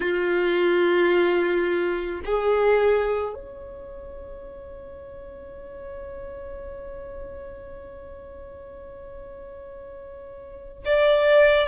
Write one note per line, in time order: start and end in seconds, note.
0.00 2.20 F4
2.25 3.34 G#4
3.34 10.84 C#5
10.85 11.67 D5